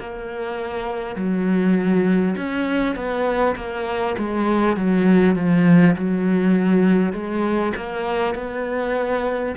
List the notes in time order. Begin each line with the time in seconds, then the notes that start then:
0.00 A#3
1.16 F#3
2.37 C#4
2.96 B3
3.57 A#3
4.18 G#3
4.77 F#3
5.36 F3
5.96 F#3
7.13 G#3
7.77 A#3
8.35 B3